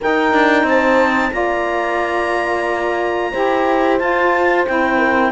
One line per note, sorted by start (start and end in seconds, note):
0.00 1.31 D#4
0.00 0.33 D#4
0.00 0.67 A#4
0.00 0.68 G5
0.33 0.63 D4
0.63 1.29 C4
0.63 1.33 C5
0.63 1.32 A5
1.31 3.33 A#3
1.31 3.31 F4
1.31 3.31 D5
1.31 3.98 A#5
3.31 4.00 E4
3.31 3.99 G4
3.31 4.98 C5
3.98 4.66 F4
3.98 4.65 A5
4.66 5.32 C4
4.66 5.32 E4
4.66 5.32 G5
4.98 5.31 A#4